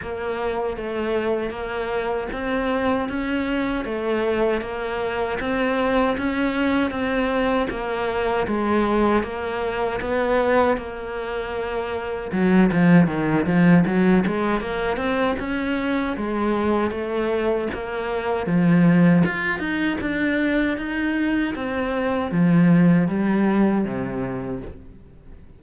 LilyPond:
\new Staff \with { instrumentName = "cello" } { \time 4/4 \tempo 4 = 78 ais4 a4 ais4 c'4 | cis'4 a4 ais4 c'4 | cis'4 c'4 ais4 gis4 | ais4 b4 ais2 |
fis8 f8 dis8 f8 fis8 gis8 ais8 c'8 | cis'4 gis4 a4 ais4 | f4 f'8 dis'8 d'4 dis'4 | c'4 f4 g4 c4 | }